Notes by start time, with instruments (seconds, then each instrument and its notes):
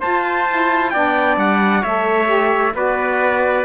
0.00 saxophone F4, cello F4, trumpet C5 A5
0.49 saxophone E4
0.90 cello B3, saxophone D4, trumpet D5 G5
1.37 cello G3, trumpet F#5
1.81 cello A3, saxophone A4, trumpet C#5 E5
2.25 saxophone G4
2.73 cello B3, saxophone F#4, trumpet B4 D5